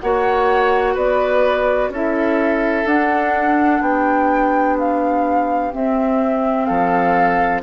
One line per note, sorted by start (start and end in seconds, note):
0.00 0.96 A#3
0.00 1.92 F#4
0.00 0.94 C#5
0.00 0.95 F#5
0.94 1.89 B3
0.94 1.89 B4
0.94 1.91 D5
1.89 2.84 C#4
1.89 2.86 E4
1.89 3.83 A4
1.89 2.87 E5
2.85 3.80 D4
2.85 5.72 D4
2.85 3.82 F#5
3.81 5.71 B3
3.81 6.66 G4
3.81 4.77 G5
4.78 5.73 F5
5.72 7.62 C4
5.72 6.69 C4
5.72 6.65 E5
6.65 7.62 F3
6.65 7.61 A4
6.65 7.60 F5